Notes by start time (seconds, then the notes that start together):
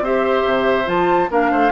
0.00 C4 G4 C5 E5
0.45 C3
0.85 F3 F4 A5
1.30 A#3 D4 A#4 F5
1.51 A3 C5